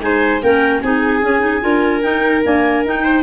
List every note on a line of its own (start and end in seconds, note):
0.00 0.41 G#3
0.00 0.41 D#4
0.00 0.42 C5
0.00 0.42 G#5
0.42 0.83 A#3
0.42 0.82 C#4
0.42 0.83 A#4
0.42 0.81 G5
0.81 1.23 C4
0.81 1.22 D#4
0.81 1.64 G#4
0.81 2.02 G#5
1.22 1.39 C#4
1.22 1.64 C#4
1.39 1.60 D#4
1.61 2.04 D4
1.61 2.01 F4
1.61 3.03 A#4
2.02 2.42 D#4
2.02 2.45 D#4
2.02 2.42 G5
2.43 2.84 A#3
2.43 2.85 D4
2.43 2.85 G#5
2.85 3.23 D#4
2.85 3.23 G5
3.03 3.23 C5